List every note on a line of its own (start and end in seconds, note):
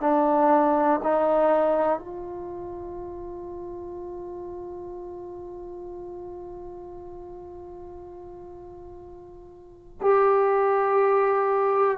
0.00 1.00 D4
1.03 1.99 D#4
1.99 9.99 F4
10.01 11.98 G4